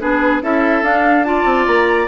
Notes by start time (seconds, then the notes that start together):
0.00 B3 D4 G#4 B4
0.42 C#4 E4 A4 E5
0.82 D4 F5
1.24 F4 D5 A5
1.45 C4
1.66 A#3 A#5